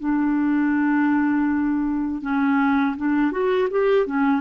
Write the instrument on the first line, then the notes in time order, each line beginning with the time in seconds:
clarinet
0.00 D4
2.22 C#4
2.97 D4
3.32 F#4
3.71 G4
4.07 C#4